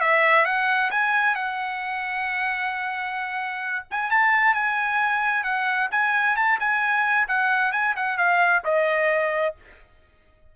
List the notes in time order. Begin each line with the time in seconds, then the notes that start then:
0.00 E5
0.45 F#5
0.91 G#5
1.35 F#5
3.91 G#5
4.10 A5
4.54 G#5
5.43 F#5
5.91 G#5
6.36 A5
6.59 G#5
7.28 F#5
7.72 G#5
7.96 F#5
8.17 F5
8.64 D#5